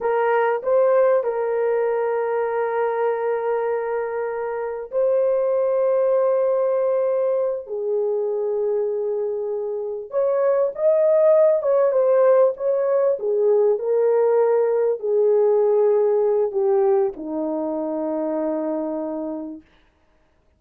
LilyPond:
\new Staff \with { instrumentName = "horn" } { \time 4/4 \tempo 4 = 98 ais'4 c''4 ais'2~ | ais'1 | c''1~ | c''8 gis'2.~ gis'8~ |
gis'8 cis''4 dis''4. cis''8 c''8~ | c''8 cis''4 gis'4 ais'4.~ | ais'8 gis'2~ gis'8 g'4 | dis'1 | }